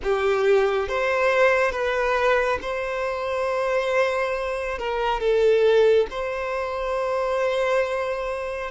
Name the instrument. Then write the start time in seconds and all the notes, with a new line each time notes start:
violin
0.03 G4
0.88 C5
1.72 B4
2.61 C5
4.78 A#4
5.20 A4
6.10 C5